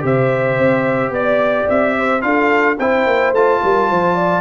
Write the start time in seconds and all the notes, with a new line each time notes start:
0.00 C3 G4 C5 E5
0.59 C4
1.10 B3 D5
1.69 C4 E5
1.97 C5
2.21 D4 F4 A4 F5
2.79 C4 E4 C5 G5
3.07 A#3
3.33 A3 F4 A5
3.63 G3 A#4
3.89 F3 C5
4.14 D5